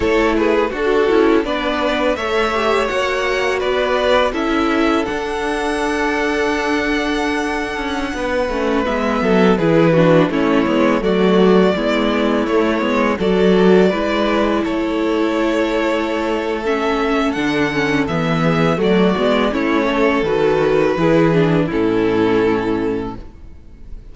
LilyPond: <<
  \new Staff \with { instrumentName = "violin" } { \time 4/4 \tempo 4 = 83 cis''8 b'8 a'4 d''4 e''4 | fis''4 d''4 e''4 fis''4~ | fis''1~ | fis''16 e''4 b'4 cis''4 d''8.~ |
d''4~ d''16 cis''4 d''4.~ d''16~ | d''16 cis''2~ cis''8. e''4 | fis''4 e''4 d''4 cis''4 | b'2 a'2 | }
  \new Staff \with { instrumentName = "violin" } { \time 4/4 a'8 gis'8 fis'4 b'4 cis''4~ | cis''4 b'4 a'2~ | a'2.~ a'16 b'8.~ | b'8. a'8 gis'8 fis'8 e'4 fis'8.~ |
fis'16 e'2 a'4 b'8.~ | b'16 a'2.~ a'8.~ | a'4. gis'8 fis'4 e'8 a'8~ | a'4 gis'4 e'2 | }
  \new Staff \with { instrumentName = "viola" } { \time 4/4 e'4 fis'8 e'8 d'4 a'8 g'8 | fis'2 e'4 d'4~ | d'2.~ d'8. cis'16~ | cis'16 b4 e'8 d'8 cis'8 b8 a8.~ |
a16 b4 a8 b8 fis'4 e'8.~ | e'2. cis'4 | d'8 cis'8 b4 a8 b8 cis'4 | fis'4 e'8 d'8 cis'2 | }
  \new Staff \with { instrumentName = "cello" } { \time 4/4 a4 d'8 cis'8 b4 a4 | ais4 b4 cis'4 d'4~ | d'2~ d'8. cis'8 b8 a16~ | a16 gis8 fis8 e4 a8 gis8 fis8.~ |
fis16 gis4 a8 gis8 fis4 gis8.~ | gis16 a2.~ a8. | d4 e4 fis8 gis8 a4 | dis4 e4 a,2 | }
>>